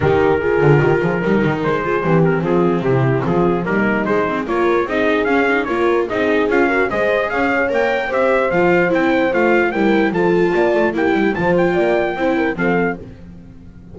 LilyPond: <<
  \new Staff \with { instrumentName = "trumpet" } { \time 4/4 \tempo 4 = 148 ais'1 | c''4. ais'8 gis'4 g'4 | gis'4 ais'4 c''4 cis''4 | dis''4 f''4 cis''4 dis''4 |
f''4 dis''4 f''4 g''4 | e''4 f''4 g''4 f''4 | g''4 a''2 g''4 | a''8 g''2~ g''8 f''4 | }
  \new Staff \with { instrumentName = "horn" } { \time 4/4 g'4 gis'4 g'8 gis'8 ais'4~ | ais'8 gis'8 g'4 f'4 e'4 | f'4 dis'2 ais'4 | gis'2 ais'4 gis'4~ |
gis'8 ais'8 c''4 cis''2 | c''1 | ais'4 a'4 d''4 g'4 | c''4 d''4 c''8 ais'8 a'4 | }
  \new Staff \with { instrumentName = "viola" } { \time 4/4 dis'4 f'2 dis'4~ | dis'8 f'8 c'2.~ | c'4 ais4 gis8 c'8 f'4 | dis'4 cis'8 dis'8 f'4 dis'4 |
f'8 fis'8 gis'2 ais'4 | g'4 f'4 e'4 f'4 | e'4 f'2 e'4 | f'2 e'4 c'4 | }
  \new Staff \with { instrumentName = "double bass" } { \time 4/4 dis4. d8 dis8 f8 g8 dis8 | gis4 e4 f4 c4 | f4 g4 gis4 ais4 | c'4 cis'4 ais4 c'4 |
cis'4 gis4 cis'4 ais4 | c'4 f4 c'4 a4 | g4 f4 ais8 a8 ais8 g8 | f4 ais4 c'4 f4 | }
>>